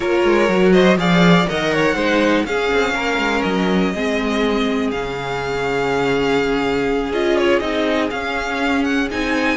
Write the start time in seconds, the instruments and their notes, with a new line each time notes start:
0.00 cello A#3, viola F4, violin A#4 C#5
0.24 cello G#3
0.48 cello F#3, viola F#4
0.72 violin C5 D#5
0.97 cello F3, viola G#4, violin D5 F5
1.47 cello D#3, viola A#4, violin D#5 F#5
1.72 violin C#5
1.95 cello G#3, viola D#4, violin C5
2.45 cello C#4, viola C#4, violin G#4 F5
2.73 cello C4
2.94 cello A#3, violin A#4
3.18 cello G#3
3.42 cello F#3, violin D#5
3.94 cello G#3, viola C4, violin G#4
4.91 cello C#3, viola C#4, violin F5
7.11 cello C#4, viola F4, violin D#5
7.37 violin C#5
7.59 cello C4, viola D#4, violin D#5
8.10 cello C#4, viola C#4, violin F5
8.83 violin F#5
9.10 cello C4, viola D#4, violin G#5